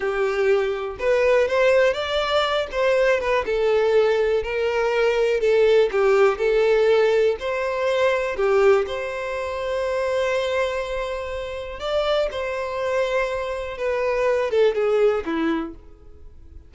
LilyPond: \new Staff \with { instrumentName = "violin" } { \time 4/4 \tempo 4 = 122 g'2 b'4 c''4 | d''4. c''4 b'8 a'4~ | a'4 ais'2 a'4 | g'4 a'2 c''4~ |
c''4 g'4 c''2~ | c''1 | d''4 c''2. | b'4. a'8 gis'4 e'4 | }